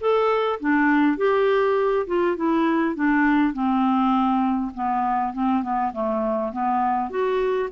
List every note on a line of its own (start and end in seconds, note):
0.00 0.59 A4
0.60 1.17 D4
1.17 2.06 G4
2.07 2.36 F4
2.36 2.95 E4
2.95 3.53 D4
3.53 4.71 C4
4.74 5.33 B3
5.33 5.62 C4
5.62 5.92 B3
5.92 6.52 A3
6.52 7.09 B3
7.09 7.69 F#4